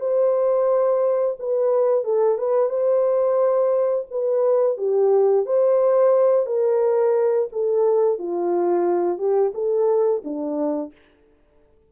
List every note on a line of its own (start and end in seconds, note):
0.00 1.36 C5
1.39 2.04 B4
2.04 2.38 A4
2.38 2.69 B4
2.69 4.05 C5
4.10 4.77 B4
4.77 5.45 G4
5.45 6.46 C5
6.46 7.48 A#4
7.52 8.18 A4
8.18 9.18 F4
9.18 9.52 G4
9.54 10.22 A4
10.24 10.92 D4